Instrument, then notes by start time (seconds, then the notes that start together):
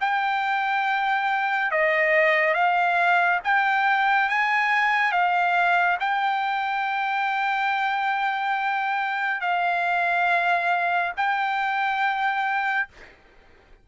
trumpet
0.00 G5
1.71 D#5
2.54 F5
3.44 G5
4.29 G#5
5.12 F5
6.00 G5
9.41 F5
11.16 G5